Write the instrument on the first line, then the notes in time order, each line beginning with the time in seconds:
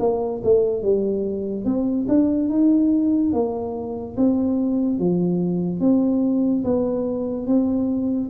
tuba
0.00 A#3
0.44 A3
0.82 G3
1.65 C4
2.08 D4
2.49 D#4
3.33 A#3
4.17 C4
4.99 F3
5.80 C4
6.64 B3
7.47 C4